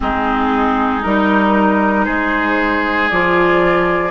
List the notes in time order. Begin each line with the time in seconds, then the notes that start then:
0.00 G#3 C4 D#4 G#4
1.02 G3 D#4 A#4
2.05 G#3 G#4 C5
3.09 F3 F4 D5